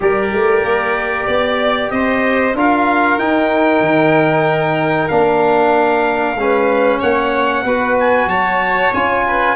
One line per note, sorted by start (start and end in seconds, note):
0.00 0.32 G3
0.00 2.52 G4
0.00 1.26 A#4
0.00 1.90 D5
0.32 0.63 A3
0.63 1.27 A#3
1.26 1.90 B3
1.26 1.90 D5
1.90 2.54 C4
1.90 2.56 C5
1.90 2.54 D#5
2.54 3.17 D4
2.54 3.19 F4
2.54 6.39 A#4
2.54 3.18 F5
3.17 3.80 D#4
3.17 5.09 D#4
3.17 5.08 G5
3.80 5.08 D#3
5.08 6.35 A#3
5.08 6.36 D4
5.08 6.99 F5
6.35 6.99 G#3
6.35 7.66 C#4
6.35 6.99 B4
6.99 7.63 A#3
6.99 7.63 C#5
6.99 7.97 F#5
7.63 8.27 B3
7.63 8.93 F#4
7.63 8.28 B4
7.99 8.29 G#5
8.27 8.90 F#3
8.27 9.24 C#5
8.27 8.93 A5
8.93 9.55 C#4
8.93 9.55 F4
8.93 9.55 G#5
9.27 9.55 B4